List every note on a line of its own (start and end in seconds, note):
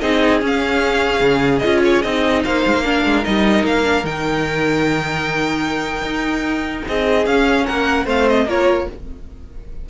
0.00 0.42 C4
0.00 0.40 D#4
0.00 2.43 G#4
0.00 0.40 D#5
0.40 1.61 C#4
0.40 1.20 C#4
0.47 1.59 F5
1.20 1.60 C#3
1.59 2.04 F4
1.59 1.79 D#5
1.65 2.04 C#4
1.84 2.02 C#5
2.02 2.44 C4
2.02 2.84 D#4
2.02 2.42 D#5
2.44 2.66 A#3
2.44 2.84 C5
2.44 3.24 F5
2.66 2.74 G#3
2.74 3.04 A#3
2.84 3.23 D4
2.84 6.87 A#4
3.04 3.25 G#3
3.23 3.63 G3
3.23 3.83 D#4
3.23 3.65 D#5
3.63 4.04 A#3
3.63 4.05 F5
3.83 4.03 D4
4.04 6.02 D#3
4.04 7.26 D#4
4.04 6.87 G5
6.02 6.82 D#4
6.87 7.26 C4
6.87 7.65 G#4
6.87 7.26 D#5
7.26 8.06 C#4
7.26 7.66 C#4
7.26 7.66 F5
7.65 8.06 A#3
7.65 8.05 A#4
7.65 8.06 F#5
8.05 8.46 A3
8.05 8.47 C4
8.05 8.45 C5
8.05 8.29 F5
8.29 8.49 D#5
8.46 8.86 A#3
8.46 8.89 F4
8.46 8.89 A#4
8.46 8.89 C#5